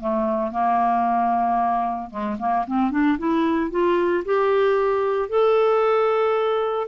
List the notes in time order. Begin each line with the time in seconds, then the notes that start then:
0.00 A3
0.51 A#3
2.10 G#3
2.39 A#3
2.67 C4
2.91 D4
3.18 E4
3.70 F4
4.25 G4
5.29 A4